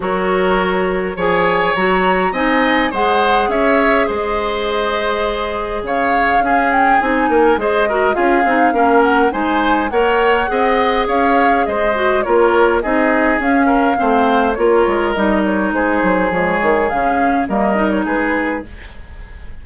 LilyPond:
<<
  \new Staff \with { instrumentName = "flute" } { \time 4/4 \tempo 4 = 103 cis''2 gis''4 ais''4 | gis''4 fis''4 e''4 dis''4~ | dis''2 f''4. g''8 | gis''4 dis''4 f''4. fis''8 |
gis''4 fis''2 f''4 | dis''4 cis''4 dis''4 f''4~ | f''4 cis''4 dis''8 cis''8 c''4 | cis''4 f''4 dis''8. cis''16 b'4 | }
  \new Staff \with { instrumentName = "oboe" } { \time 4/4 ais'2 cis''2 | dis''4 c''4 cis''4 c''4~ | c''2 cis''4 gis'4~ | gis'8 ais'8 c''8 ais'8 gis'4 ais'4 |
c''4 cis''4 dis''4 cis''4 | c''4 ais'4 gis'4. ais'8 | c''4 ais'2 gis'4~ | gis'2 ais'4 gis'4 | }
  \new Staff \with { instrumentName = "clarinet" } { \time 4/4 fis'2 gis'4 fis'4 | dis'4 gis'2.~ | gis'2. cis'4 | dis'4 gis'8 fis'8 f'8 dis'8 cis'4 |
dis'4 ais'4 gis'2~ | gis'8 fis'8 f'4 dis'4 cis'4 | c'4 f'4 dis'2 | gis4 cis'4 ais8 dis'4. | }
  \new Staff \with { instrumentName = "bassoon" } { \time 4/4 fis2 f4 fis4 | c'4 gis4 cis'4 gis4~ | gis2 cis4 cis'4 | c'8 ais8 gis4 cis'8 c'8 ais4 |
gis4 ais4 c'4 cis'4 | gis4 ais4 c'4 cis'4 | a4 ais8 gis8 g4 gis8 fis8 | f8 dis8 cis4 g4 gis4 | }
>>